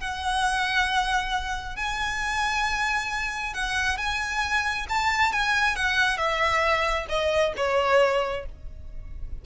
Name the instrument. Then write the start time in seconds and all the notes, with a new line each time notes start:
violin
0.00 F#5
1.76 G#5
3.54 F#5
3.97 G#5
4.89 A5
5.32 G#5
5.76 F#5
6.17 E5
7.09 D#5
7.57 C#5